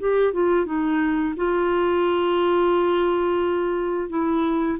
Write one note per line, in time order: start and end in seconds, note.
0.00 0.33 G4
0.33 0.66 F4
0.66 1.35 D#4
1.37 4.09 F4
4.09 4.78 E4